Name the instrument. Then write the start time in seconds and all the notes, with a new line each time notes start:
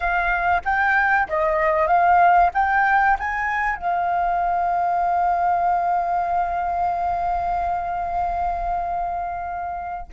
flute
0.00 F5
0.65 G5
1.28 D#5
1.87 F5
2.53 G5
3.19 G#5
3.76 F5